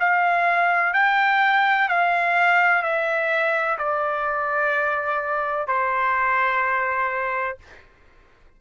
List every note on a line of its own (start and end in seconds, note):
0.00 0.94 F5
0.94 1.89 G5
1.89 2.83 F5
2.83 3.78 E5
3.78 5.68 D5
5.68 7.58 C5